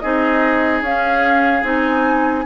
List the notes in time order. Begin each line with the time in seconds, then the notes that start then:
0.00 C4 D#4 G#4 D#5
0.82 C#4 F5
1.64 C4 D#4 G#5